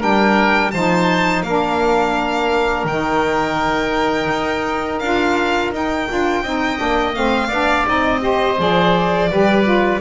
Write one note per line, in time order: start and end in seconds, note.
0.00 0.73 G3
0.00 0.71 D4
0.00 0.72 A#4
0.00 0.71 G5
0.71 1.43 F3
0.71 1.46 D#4
0.71 1.45 C5
0.71 1.43 A5
1.43 2.85 A#3
1.43 2.89 D4
1.43 6.43 A#4
1.43 2.86 F5
2.85 4.27 D#3
2.85 5.03 D#4
2.85 5.00 G5
4.29 5.00 D#4
5.00 5.72 D4
5.00 5.73 F4
5.00 5.71 F5
5.72 6.08 D#4
5.72 6.09 D#4
5.72 7.15 G5
6.09 6.44 D4
6.09 6.44 F4
6.43 6.79 C4
6.43 6.77 D#4
6.43 7.48 D#5
6.77 7.17 A#3
6.77 7.13 D4
7.15 7.50 A3
7.15 7.51 C4
7.15 7.86 F5
7.48 7.85 B3
7.48 7.86 D4
7.48 8.20 D5
7.86 8.59 C4
7.86 8.20 D#4
7.86 8.61 D#5
8.20 8.56 G4
8.20 9.31 C5
8.58 9.31 F3
8.58 9.30 G#4
8.58 10.01 D5
9.31 10.01 G3
9.31 9.64 G4
9.31 10.01 B4
9.64 10.00 F4